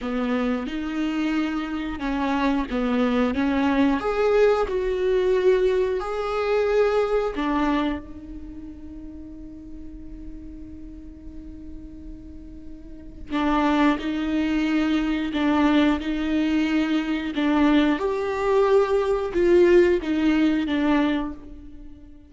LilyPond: \new Staff \with { instrumentName = "viola" } { \time 4/4 \tempo 4 = 90 b4 dis'2 cis'4 | b4 cis'4 gis'4 fis'4~ | fis'4 gis'2 d'4 | dis'1~ |
dis'1 | d'4 dis'2 d'4 | dis'2 d'4 g'4~ | g'4 f'4 dis'4 d'4 | }